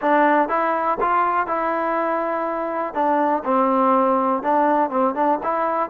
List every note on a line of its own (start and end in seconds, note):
0.01 0.49 D4
0.49 0.98 E4
1.00 1.46 F4
1.46 2.94 E4
2.94 3.43 D4
3.44 4.42 C4
4.42 4.90 D4
4.90 5.14 C4
5.14 5.39 D4
5.43 5.89 E4